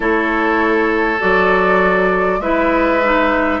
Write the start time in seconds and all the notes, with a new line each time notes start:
0.00 A3 E4 A4 C#5
1.19 F#3 F#4 D5
2.39 G#3 E4 B4 E5
3.02 D#4